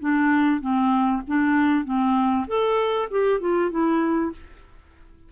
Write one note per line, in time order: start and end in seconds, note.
0.00 0.61 D4
0.61 1.22 C4
1.28 1.85 D4
1.85 2.46 C4
2.48 3.09 A4
3.11 3.40 G4
3.40 3.71 F4
3.71 4.32 E4